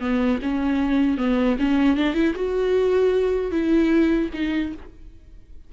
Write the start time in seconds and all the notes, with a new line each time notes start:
0.00 B3
0.42 C#4
1.18 B3
1.59 C#4
1.97 D4
2.14 E4
2.35 F#4
3.52 E4
4.34 D#4